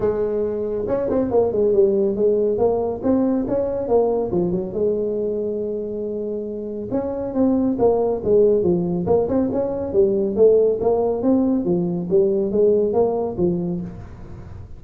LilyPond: \new Staff \with { instrumentName = "tuba" } { \time 4/4 \tempo 4 = 139 gis2 cis'8 c'8 ais8 gis8 | g4 gis4 ais4 c'4 | cis'4 ais4 f8 fis8 gis4~ | gis1 |
cis'4 c'4 ais4 gis4 | f4 ais8 c'8 cis'4 g4 | a4 ais4 c'4 f4 | g4 gis4 ais4 f4 | }